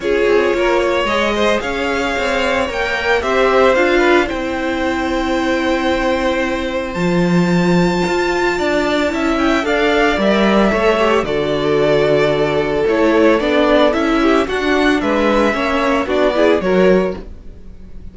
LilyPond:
<<
  \new Staff \with { instrumentName = "violin" } { \time 4/4 \tempo 4 = 112 cis''2 dis''4 f''4~ | f''4 g''4 e''4 f''4 | g''1~ | g''4 a''2.~ |
a''4. g''8 f''4 e''4~ | e''4 d''2. | cis''4 d''4 e''4 fis''4 | e''2 d''4 cis''4 | }
  \new Staff \with { instrumentName = "violin" } { \time 4/4 gis'4 ais'8 cis''4 c''8 cis''4~ | cis''2 c''4. b'8 | c''1~ | c''1 |
d''4 e''4 d''2 | cis''4 a'2.~ | a'2~ a'8 g'8 fis'4 | b'4 cis''4 fis'8 gis'8 ais'4 | }
  \new Staff \with { instrumentName = "viola" } { \time 4/4 f'2 gis'2~ | gis'4 ais'4 g'4 f'4 | e'1~ | e'4 f'2.~ |
f'4 e'4 a'4 ais'4 | a'8 g'8 fis'2. | e'4 d'4 e'4 d'4~ | d'4 cis'4 d'8 e'8 fis'4 | }
  \new Staff \with { instrumentName = "cello" } { \time 4/4 cis'8 c'8 ais4 gis4 cis'4 | c'4 ais4 c'4 d'4 | c'1~ | c'4 f2 f'4 |
d'4 cis'4 d'4 g4 | a4 d2. | a4 b4 cis'4 d'4 | gis4 ais4 b4 fis4 | }
>>